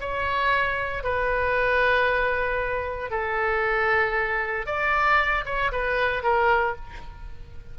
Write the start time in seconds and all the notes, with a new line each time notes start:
0.00 C#5
1.03 B4
3.11 A4
4.66 D5
5.45 C#5
5.72 B4
6.23 A#4